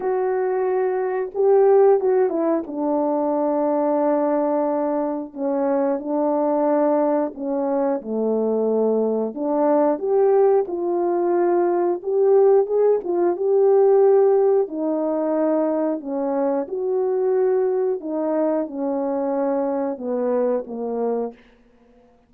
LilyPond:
\new Staff \with { instrumentName = "horn" } { \time 4/4 \tempo 4 = 90 fis'2 g'4 fis'8 e'8 | d'1 | cis'4 d'2 cis'4 | a2 d'4 g'4 |
f'2 g'4 gis'8 f'8 | g'2 dis'2 | cis'4 fis'2 dis'4 | cis'2 b4 ais4 | }